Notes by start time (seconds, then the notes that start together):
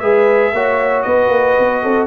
0.00 G#3 G#4 B4 E5
0.53 A#3 F#4 C#5
1.03 B3 B4 D#5
1.29 A#3
1.59 B3
1.83 C4 A4